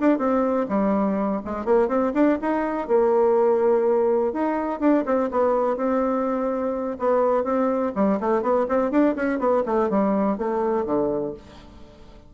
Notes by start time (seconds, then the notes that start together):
0.00 D4
0.18 C4
0.68 G3
1.45 G#3
1.65 A#3
1.88 C4
2.14 D4
2.41 D#4
2.87 A#3
4.32 D#4
4.79 D4
5.05 C4
5.30 B3
5.76 C4
6.99 B3
7.44 C4
7.95 G3
8.20 A3
8.42 B3
8.68 C4
8.90 D4
9.15 C#4
9.38 B3
9.65 A3
9.89 G3
10.37 A3
10.85 D3